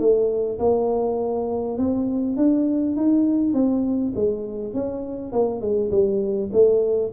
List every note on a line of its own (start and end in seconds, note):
0.00 0.59 A3
0.60 1.78 A#3
1.78 2.37 C4
2.37 2.97 D4
2.97 3.54 D#4
3.54 4.13 C4
4.16 4.74 G#3
4.74 5.33 C#4
5.33 5.62 A#3
5.62 5.91 G#3
5.91 6.51 G3
6.53 7.12 A3